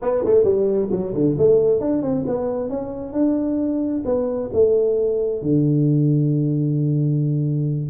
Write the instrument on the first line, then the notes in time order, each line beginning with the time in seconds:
tuba
0.01 B3
0.25 A3
0.44 G3
0.91 F#3
1.14 D3
1.38 A3
1.80 D4
2.02 C4
2.26 B3
2.69 C#4
3.13 D4
4.05 B3
4.53 A3
5.42 D3